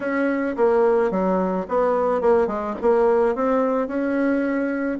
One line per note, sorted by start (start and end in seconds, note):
0.00 0.56 C#4
0.56 1.10 A#3
1.10 1.66 F#3
1.68 2.21 B3
2.21 2.47 A#3
2.47 2.74 G#3
2.81 3.35 A#3
3.35 3.87 C4
3.87 4.98 C#4